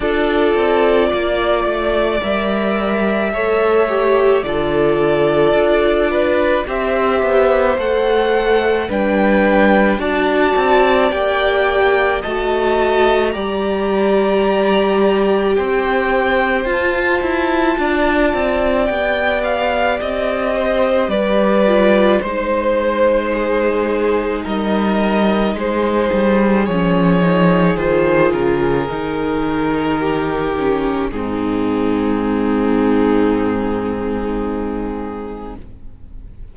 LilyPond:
<<
  \new Staff \with { instrumentName = "violin" } { \time 4/4 \tempo 4 = 54 d''2 e''2 | d''2 e''4 fis''4 | g''4 a''4 g''4 a''4 | ais''2 g''4 a''4~ |
a''4 g''8 f''8 dis''4 d''4 | c''2 dis''4 c''4 | cis''4 c''8 ais'2~ ais'8 | gis'1 | }
  \new Staff \with { instrumentName = "violin" } { \time 4/4 a'4 d''2 cis''4 | a'4. b'8 c''2 | b'4 d''2 dis''4 | d''2 c''2 |
d''2~ d''8 c''8 b'4 | c''4 gis'4 ais'4 gis'4~ | gis'2. g'4 | dis'1 | }
  \new Staff \with { instrumentName = "viola" } { \time 4/4 f'2 ais'4 a'8 g'8 | f'2 g'4 a'4 | d'4 fis'4 g'4 fis'4 | g'2. f'4~ |
f'4 g'2~ g'8 f'8 | dis'1 | cis'8 dis'8 f'4 dis'4. cis'8 | c'1 | }
  \new Staff \with { instrumentName = "cello" } { \time 4/4 d'8 c'8 ais8 a8 g4 a4 | d4 d'4 c'8 b8 a4 | g4 d'8 c'8 ais4 a4 | g2 c'4 f'8 e'8 |
d'8 c'8 b4 c'4 g4 | gis2 g4 gis8 g8 | f4 dis8 cis8 dis2 | gis,1 | }
>>